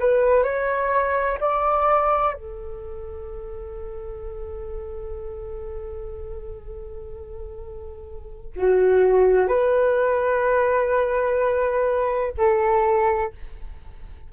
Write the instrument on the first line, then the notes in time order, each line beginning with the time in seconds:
flute
0.00 B4
0.43 C#5
1.41 D5
2.34 A4
8.56 F#4
9.48 B4
12.38 A4